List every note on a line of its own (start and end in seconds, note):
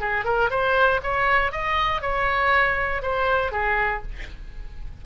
0.00 0.25 G#4
0.25 0.50 A#4
0.50 1.01 C5
1.03 1.52 C#5
1.52 2.01 D#5
2.01 3.02 C#5
3.02 3.52 C5
3.52 4.02 G#4